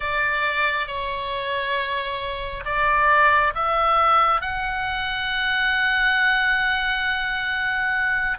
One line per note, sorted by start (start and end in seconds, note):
0.00 0.87 D5
0.87 2.64 C#5
2.65 3.53 D5
3.54 4.41 E5
4.41 8.38 F#5